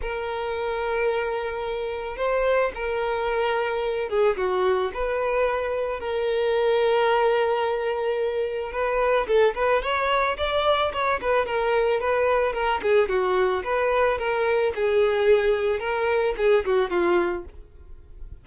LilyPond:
\new Staff \with { instrumentName = "violin" } { \time 4/4 \tempo 4 = 110 ais'1 | c''4 ais'2~ ais'8 gis'8 | fis'4 b'2 ais'4~ | ais'1 |
b'4 a'8 b'8 cis''4 d''4 | cis''8 b'8 ais'4 b'4 ais'8 gis'8 | fis'4 b'4 ais'4 gis'4~ | gis'4 ais'4 gis'8 fis'8 f'4 | }